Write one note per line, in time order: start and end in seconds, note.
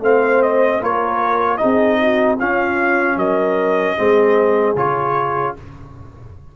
0.00 0.79 A3
0.00 0.80 C4
0.00 0.80 C5
0.00 0.42 F5
0.42 0.82 D#5
0.80 1.59 A#3
0.80 1.58 F4
0.80 1.59 A#4
0.80 1.57 C#5
1.57 2.37 D#4
1.57 2.00 G#4
1.57 2.36 D#5
1.63 2.40 C4
2.00 2.38 F#4
2.38 3.97 C#4
2.38 3.16 C#4
2.38 3.17 F4
2.38 3.18 F5
3.16 3.95 F#3
3.16 3.96 A#4
3.16 4.76 D#5
3.97 4.75 G#3
3.97 4.75 C4
3.97 5.55 G#4
4.75 5.54 C#3
4.75 5.56 F4
4.75 5.55 C#5